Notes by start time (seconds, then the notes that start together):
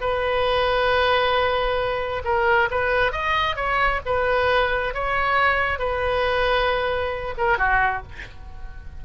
0.00 B4
2.24 A#4
2.71 B4
3.12 D#5
3.56 C#5
4.05 B4
4.94 C#5
5.79 B4
7.37 A#4
7.58 F#4